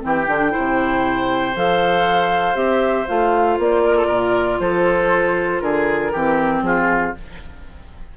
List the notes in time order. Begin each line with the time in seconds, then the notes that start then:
0.00 E3 C4 G4 G5
0.27 D3 D4
0.50 E4 C5
0.57 C3
1.56 F3 A4 F5
2.55 C4 G4 E5
3.08 A3 F4 F5
3.58 A#3 D5
3.84 A#4
3.97 A4
4.07 A#2 A#4
4.60 F3 A4 C5
5.60 D3 G#4 A#4
6.12 E3 C4 G4
6.62 F3 F4 G#4